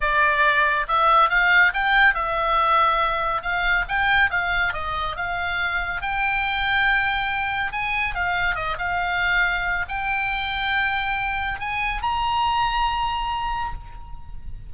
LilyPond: \new Staff \with { instrumentName = "oboe" } { \time 4/4 \tempo 4 = 140 d''2 e''4 f''4 | g''4 e''2. | f''4 g''4 f''4 dis''4 | f''2 g''2~ |
g''2 gis''4 f''4 | dis''8 f''2~ f''8 g''4~ | g''2. gis''4 | ais''1 | }